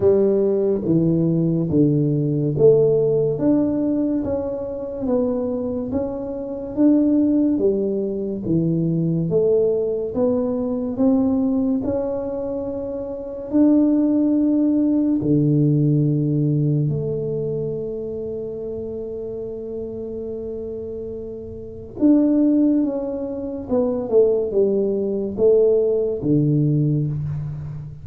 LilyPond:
\new Staff \with { instrumentName = "tuba" } { \time 4/4 \tempo 4 = 71 g4 e4 d4 a4 | d'4 cis'4 b4 cis'4 | d'4 g4 e4 a4 | b4 c'4 cis'2 |
d'2 d2 | a1~ | a2 d'4 cis'4 | b8 a8 g4 a4 d4 | }